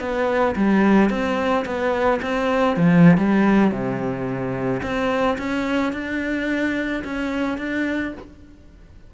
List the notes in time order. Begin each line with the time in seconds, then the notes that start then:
0.00 B3
0.56 G3
1.10 C4
1.65 B3
2.22 C4
2.77 F3
3.18 G3
3.71 C3
4.83 C4
5.38 C#4
5.93 D4
7.04 C#4
7.58 D4